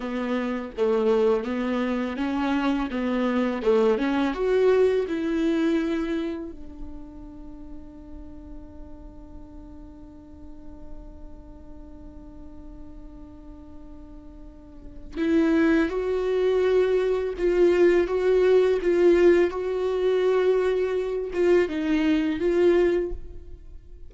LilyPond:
\new Staff \with { instrumentName = "viola" } { \time 4/4 \tempo 4 = 83 b4 a4 b4 cis'4 | b4 a8 cis'8 fis'4 e'4~ | e'4 d'2.~ | d'1~ |
d'1~ | d'4 e'4 fis'2 | f'4 fis'4 f'4 fis'4~ | fis'4. f'8 dis'4 f'4 | }